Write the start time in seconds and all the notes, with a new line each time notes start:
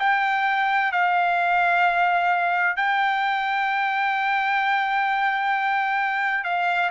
0.00 G5
0.92 F5
2.77 G5
6.44 F5